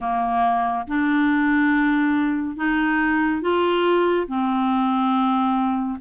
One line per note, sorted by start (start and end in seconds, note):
0.00 0.86 A#3
0.87 2.56 D4
2.56 3.41 D#4
3.41 4.27 F4
4.27 5.99 C4